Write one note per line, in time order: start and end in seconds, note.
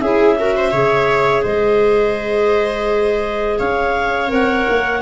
0.00 0.72 C#4
0.00 0.38 E4
0.00 0.37 G#4
0.00 1.43 E5
0.38 0.72 F#4
0.38 0.56 A#4
0.56 0.71 C5
0.71 1.44 C#3
0.71 4.28 G#4
0.71 1.42 C#5
1.42 3.59 G#3
1.42 3.56 C5
1.42 3.59 D#5
3.59 4.31 C#4
3.59 5.02 C#5
3.59 4.30 F5
4.28 4.67 C4
4.28 5.00 A#4
4.28 5.02 F#5
4.69 5.02 A#3